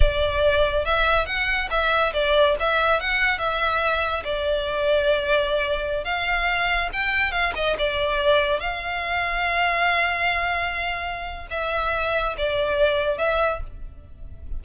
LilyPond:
\new Staff \with { instrumentName = "violin" } { \time 4/4 \tempo 4 = 141 d''2 e''4 fis''4 | e''4 d''4 e''4 fis''4 | e''2 d''2~ | d''2~ d''16 f''4.~ f''16~ |
f''16 g''4 f''8 dis''8 d''4.~ d''16~ | d''16 f''2.~ f''8.~ | f''2. e''4~ | e''4 d''2 e''4 | }